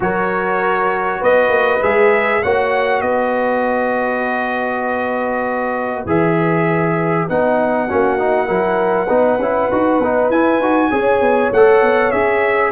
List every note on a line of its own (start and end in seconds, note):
0.00 1.20 F#3
0.00 1.80 F#4
0.00 1.20 A#4
0.00 1.23 C#5
1.20 1.48 B3
1.20 2.41 B4
1.20 1.82 D#5
1.48 1.78 A#3
1.82 2.43 G#3
1.82 2.43 G#4
1.82 2.43 E5
2.42 3.01 A#3
2.42 6.06 F#4
2.42 3.03 C#5
2.42 3.01 F#5
3.01 6.04 B3
3.01 7.87 B4
3.01 6.04 D#5
6.05 7.26 E3
6.05 7.28 G#4
6.05 7.28 E5
7.28 7.90 B3
7.28 7.88 D#4
7.28 10.30 F#5
7.87 8.48 A#3
7.87 8.18 C#4
7.87 8.47 F#4
8.18 8.46 D#4
8.46 9.09 F#3
8.46 9.07 E4
8.46 9.06 A#4
9.06 9.39 B3
9.06 9.39 D#4
9.06 10.88 B4
9.39 9.69 C#4
9.39 9.71 E4
9.71 9.99 D#4
9.71 10.02 F#4
9.99 10.29 B3
9.99 10.32 D#4
10.29 10.59 E4
10.29 10.61 E4
10.29 11.52 G#5
10.59 10.90 D#4
10.59 10.91 F#4
10.91 11.20 C#4
10.91 11.52 G#4
10.91 12.71 C#5
11.20 11.51 B3
11.52 11.81 A3
11.52 12.13 A4
11.52 12.11 F#5
11.81 12.11 B3
12.11 12.71 C#4
12.11 12.71 G#4
12.11 12.71 E5